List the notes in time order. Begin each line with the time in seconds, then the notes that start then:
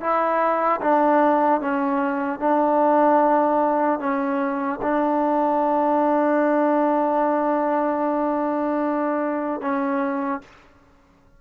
0.00 E4
0.81 D4
1.60 C#4
2.39 D4
3.99 C#4
4.81 D4
9.61 C#4